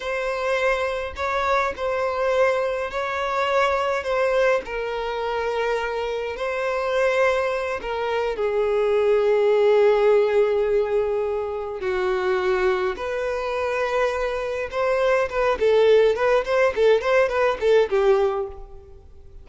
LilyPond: \new Staff \with { instrumentName = "violin" } { \time 4/4 \tempo 4 = 104 c''2 cis''4 c''4~ | c''4 cis''2 c''4 | ais'2. c''4~ | c''4. ais'4 gis'4.~ |
gis'1~ | gis'8 fis'2 b'4.~ | b'4. c''4 b'8 a'4 | b'8 c''8 a'8 c''8 b'8 a'8 g'4 | }